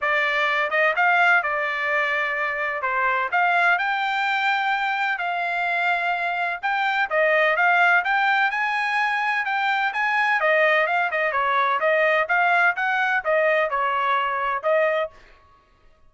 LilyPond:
\new Staff \with { instrumentName = "trumpet" } { \time 4/4 \tempo 4 = 127 d''4. dis''8 f''4 d''4~ | d''2 c''4 f''4 | g''2. f''4~ | f''2 g''4 dis''4 |
f''4 g''4 gis''2 | g''4 gis''4 dis''4 f''8 dis''8 | cis''4 dis''4 f''4 fis''4 | dis''4 cis''2 dis''4 | }